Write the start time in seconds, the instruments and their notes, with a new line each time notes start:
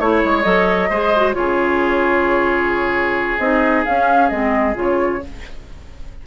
0.00 bassoon A3, clarinet E4, flute C#5, oboe C#5
0.25 bassoon G#3
0.43 bassoon F#3, clarinet A4, flute D#5
0.90 bassoon G#3, clarinet G#4, oboe C5
1.16 clarinet F#4
1.34 bassoon C#3, clarinet F4, oboe G#4, flute C#5
3.39 bassoon C4, clarinet D#4, flute D#5
3.85 clarinet C#4, bassoon C#4, flute F5
4.30 bassoon G#3, clarinet C4, flute D#5
4.74 bassoon C#3, clarinet F4
4.81 flute C#5